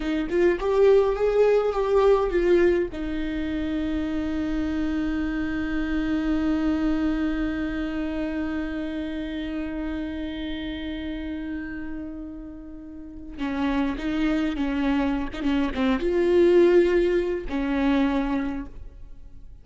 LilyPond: \new Staff \with { instrumentName = "viola" } { \time 4/4 \tempo 4 = 103 dis'8 f'8 g'4 gis'4 g'4 | f'4 dis'2.~ | dis'1~ | dis'1~ |
dis'1~ | dis'2. cis'4 | dis'4 cis'4~ cis'16 dis'16 cis'8 c'8 f'8~ | f'2 cis'2 | }